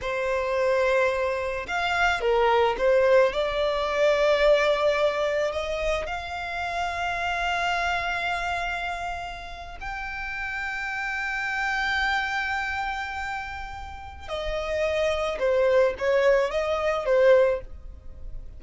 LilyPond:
\new Staff \with { instrumentName = "violin" } { \time 4/4 \tempo 4 = 109 c''2. f''4 | ais'4 c''4 d''2~ | d''2 dis''4 f''4~ | f''1~ |
f''4.~ f''16 g''2~ g''16~ | g''1~ | g''2 dis''2 | c''4 cis''4 dis''4 c''4 | }